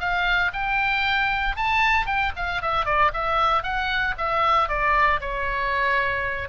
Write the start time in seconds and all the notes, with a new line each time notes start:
0.00 F5
0.53 G5
1.56 A5
2.06 G5
2.36 F5
2.62 E5
2.85 D5
3.14 E5
3.63 F#5
4.18 E5
4.69 D5
5.21 C#5